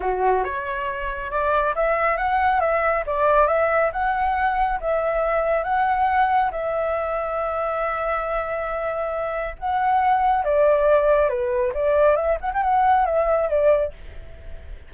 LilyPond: \new Staff \with { instrumentName = "flute" } { \time 4/4 \tempo 4 = 138 fis'4 cis''2 d''4 | e''4 fis''4 e''4 d''4 | e''4 fis''2 e''4~ | e''4 fis''2 e''4~ |
e''1~ | e''2 fis''2 | d''2 b'4 d''4 | e''8 fis''16 g''16 fis''4 e''4 d''4 | }